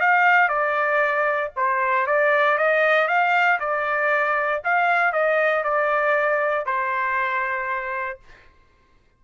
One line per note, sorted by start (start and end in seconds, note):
0.00 0.49 F5
0.49 1.51 D5
1.56 2.07 C5
2.07 2.58 D5
2.58 3.08 D#5
3.08 3.59 F5
3.60 4.62 D5
4.64 5.13 F5
5.13 5.64 D#5
5.64 6.66 D5
6.66 8.20 C5